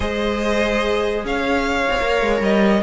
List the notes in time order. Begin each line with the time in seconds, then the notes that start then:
0.00 G#3 G#4 C5 D#5
1.24 C#4 C#5 F5
1.89 C4
2.00 A#3 A#4
2.21 G#3
2.40 G3 D#5